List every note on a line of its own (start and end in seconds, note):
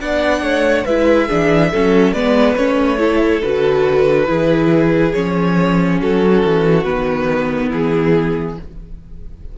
0.00 0.41 B3
0.00 0.86 D4
0.00 0.43 D5
0.00 0.85 F#5
0.41 0.84 A3
0.41 0.84 C#5
0.84 1.29 G#3
0.84 1.29 E4
0.84 1.27 B4
0.84 2.12 E5
1.27 1.74 E3
1.27 1.72 D4
1.27 1.70 G#4
1.70 2.12 F#3
1.70 2.15 C#4
1.70 2.13 A4
2.12 2.55 G#3
2.12 2.57 B3
2.12 2.98 B4
2.12 2.55 D5
2.56 3.42 A3
2.56 2.97 C#4
2.56 3.42 C#5
2.97 3.40 E4
2.97 4.28 A4
3.42 4.28 D3
3.42 4.27 F#4
3.42 5.12 B4
4.27 5.14 E3
4.27 5.12 E4
4.27 6.00 G#4
5.12 6.01 F3
5.12 6.85 C#4
5.12 5.98 C#5
6.00 6.44 F#3
6.00 7.68 F#4
6.00 6.83 A4
6.44 6.85 E3
6.83 7.71 D#3
6.83 8.56 B3
6.83 7.69 B4
7.68 8.58 E3
7.68 8.54 E4
7.68 8.58 G#4